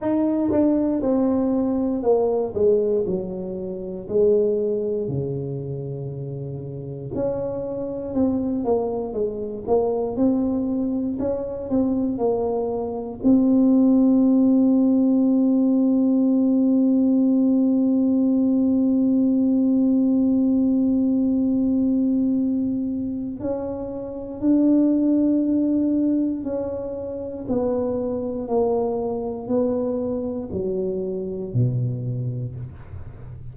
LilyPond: \new Staff \with { instrumentName = "tuba" } { \time 4/4 \tempo 4 = 59 dis'8 d'8 c'4 ais8 gis8 fis4 | gis4 cis2 cis'4 | c'8 ais8 gis8 ais8 c'4 cis'8 c'8 | ais4 c'2.~ |
c'1~ | c'2. cis'4 | d'2 cis'4 b4 | ais4 b4 fis4 b,4 | }